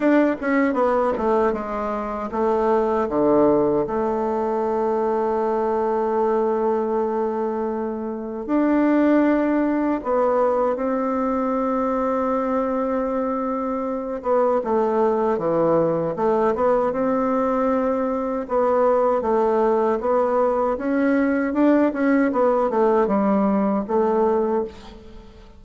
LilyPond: \new Staff \with { instrumentName = "bassoon" } { \time 4/4 \tempo 4 = 78 d'8 cis'8 b8 a8 gis4 a4 | d4 a2.~ | a2. d'4~ | d'4 b4 c'2~ |
c'2~ c'8 b8 a4 | e4 a8 b8 c'2 | b4 a4 b4 cis'4 | d'8 cis'8 b8 a8 g4 a4 | }